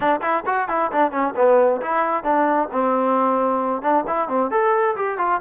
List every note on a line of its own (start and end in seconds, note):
0.00 0.20 D4
0.21 0.44 E4
0.46 0.68 F#4
0.68 0.91 E4
0.92 1.11 D4
1.11 1.34 C#4
1.36 1.81 B3
1.81 2.23 E4
2.23 2.68 D4
2.71 3.81 C4
3.81 4.04 D4
4.07 4.28 E4
4.28 4.50 C4
4.50 4.95 A4
4.96 5.18 G4
5.18 5.40 F4